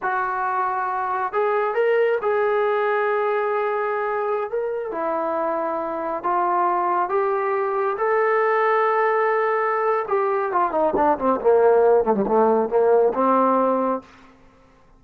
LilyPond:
\new Staff \with { instrumentName = "trombone" } { \time 4/4 \tempo 4 = 137 fis'2. gis'4 | ais'4 gis'2.~ | gis'2~ gis'16 ais'4 e'8.~ | e'2~ e'16 f'4.~ f'16~ |
f'16 g'2 a'4.~ a'16~ | a'2. g'4 | f'8 dis'8 d'8 c'8 ais4. a16 g16 | a4 ais4 c'2 | }